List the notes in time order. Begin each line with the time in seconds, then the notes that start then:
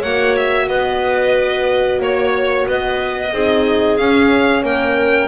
0.00 A#3 F#4 C#5 F#5
0.36 E5
0.67 B3 B4 D#5
1.99 A#3 C#5
2.67 B3 B4 D#5
3.32 C4 D#4 G#4
3.97 C#4 F5
4.62 A#3 A#4 G5